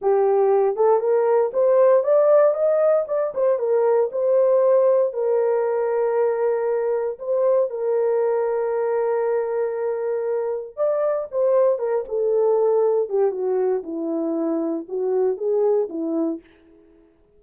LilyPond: \new Staff \with { instrumentName = "horn" } { \time 4/4 \tempo 4 = 117 g'4. a'8 ais'4 c''4 | d''4 dis''4 d''8 c''8 ais'4 | c''2 ais'2~ | ais'2 c''4 ais'4~ |
ais'1~ | ais'4 d''4 c''4 ais'8 a'8~ | a'4. g'8 fis'4 e'4~ | e'4 fis'4 gis'4 e'4 | }